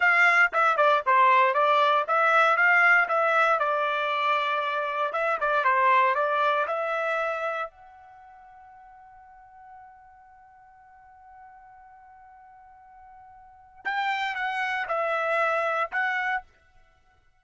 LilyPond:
\new Staff \with { instrumentName = "trumpet" } { \time 4/4 \tempo 4 = 117 f''4 e''8 d''8 c''4 d''4 | e''4 f''4 e''4 d''4~ | d''2 e''8 d''8 c''4 | d''4 e''2 fis''4~ |
fis''1~ | fis''1~ | fis''2. g''4 | fis''4 e''2 fis''4 | }